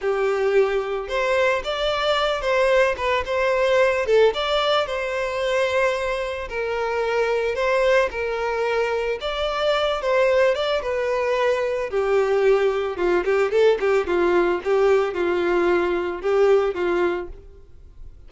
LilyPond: \new Staff \with { instrumentName = "violin" } { \time 4/4 \tempo 4 = 111 g'2 c''4 d''4~ | d''8 c''4 b'8 c''4. a'8 | d''4 c''2. | ais'2 c''4 ais'4~ |
ais'4 d''4. c''4 d''8 | b'2 g'2 | f'8 g'8 a'8 g'8 f'4 g'4 | f'2 g'4 f'4 | }